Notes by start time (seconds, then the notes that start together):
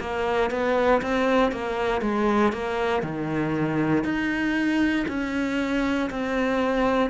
0.00 A#3
0.50 B3
1.02 C4
1.52 A#3
2.02 G#3
2.52 A#3
3.02 D#3
4.04 D#4
5.08 C#4
6.10 C4